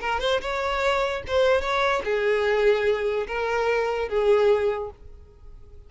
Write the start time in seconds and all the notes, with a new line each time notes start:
0.00 A#4
0.20 C5
0.41 C#5
1.27 C5
1.61 C#5
2.04 G#4
3.27 A#4
4.09 G#4